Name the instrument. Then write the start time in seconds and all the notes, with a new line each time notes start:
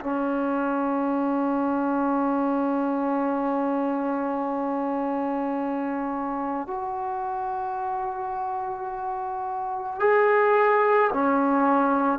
trombone
0.00 C#4
6.67 F#4
9.99 G#4
11.13 C#4